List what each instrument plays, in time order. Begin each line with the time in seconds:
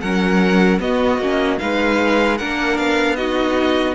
0.00 cello F#3, viola C#4, violin A#4 F#5
0.79 cello B3, viola B3, violin F#4 D#5
1.18 cello A#3, viola C#4
1.59 cello G#3, viola D#4, violin B4 F5
2.37 cello A#3, viola D4, violin A#4 F#5
2.77 cello B3, violin F5
3.16 viola D#4, violin F#4 D#5